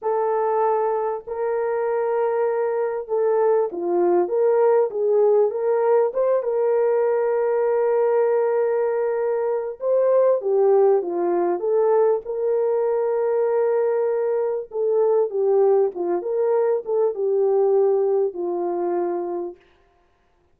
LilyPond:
\new Staff \with { instrumentName = "horn" } { \time 4/4 \tempo 4 = 98 a'2 ais'2~ | ais'4 a'4 f'4 ais'4 | gis'4 ais'4 c''8 ais'4.~ | ais'1 |
c''4 g'4 f'4 a'4 | ais'1 | a'4 g'4 f'8 ais'4 a'8 | g'2 f'2 | }